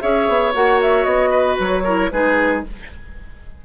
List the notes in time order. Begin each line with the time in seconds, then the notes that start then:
0.00 C#4 G#4 C#5 E5
0.28 B3
0.54 A#3 F#4 F#5
0.81 E5
1.04 B3 D#5
1.30 B4
1.59 F#3 C#5
1.84 E4 A#4
2.11 G#3 D#4 G#4 B4